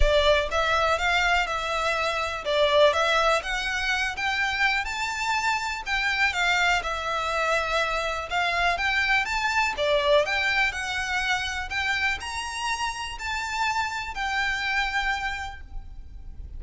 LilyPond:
\new Staff \with { instrumentName = "violin" } { \time 4/4 \tempo 4 = 123 d''4 e''4 f''4 e''4~ | e''4 d''4 e''4 fis''4~ | fis''8 g''4. a''2 | g''4 f''4 e''2~ |
e''4 f''4 g''4 a''4 | d''4 g''4 fis''2 | g''4 ais''2 a''4~ | a''4 g''2. | }